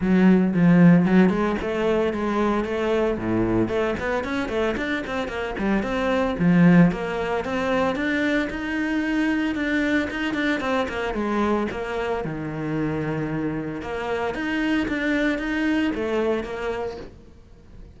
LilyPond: \new Staff \with { instrumentName = "cello" } { \time 4/4 \tempo 4 = 113 fis4 f4 fis8 gis8 a4 | gis4 a4 a,4 a8 b8 | cis'8 a8 d'8 c'8 ais8 g8 c'4 | f4 ais4 c'4 d'4 |
dis'2 d'4 dis'8 d'8 | c'8 ais8 gis4 ais4 dis4~ | dis2 ais4 dis'4 | d'4 dis'4 a4 ais4 | }